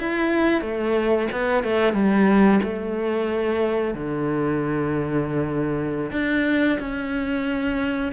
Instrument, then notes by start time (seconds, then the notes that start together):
cello
0.00 E4
0.62 A3
1.32 B3
1.64 A3
1.94 G3
2.63 A3
3.95 D3
6.12 D4
6.80 C#4